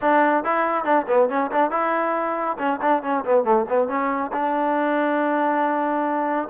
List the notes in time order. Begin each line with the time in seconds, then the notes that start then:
0.01 D4
0.44 E4
0.84 D4
1.07 B3
1.29 C#4
1.51 D4
1.70 E4
2.58 C#4
2.81 D4
3.03 C#4
3.24 B3
3.44 A3
3.68 B3
3.88 C#4
4.32 D4